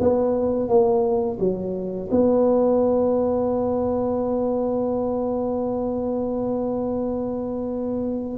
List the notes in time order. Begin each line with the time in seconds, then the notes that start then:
0.00 B3
0.68 A#3
1.39 F#3
2.11 B3